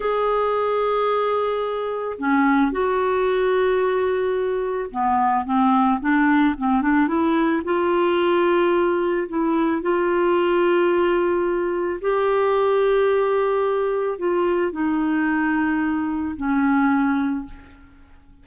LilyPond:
\new Staff \with { instrumentName = "clarinet" } { \time 4/4 \tempo 4 = 110 gis'1 | cis'4 fis'2.~ | fis'4 b4 c'4 d'4 | c'8 d'8 e'4 f'2~ |
f'4 e'4 f'2~ | f'2 g'2~ | g'2 f'4 dis'4~ | dis'2 cis'2 | }